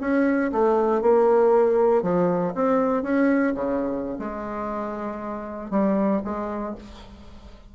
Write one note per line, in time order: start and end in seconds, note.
0.00 0.51 C#4
0.52 1.01 A3
1.01 2.02 A#3
2.02 2.53 F3
2.54 3.03 C4
3.03 3.53 C#4
3.54 4.18 C#3
4.18 5.70 G#3
5.70 6.21 G3
6.24 6.75 G#3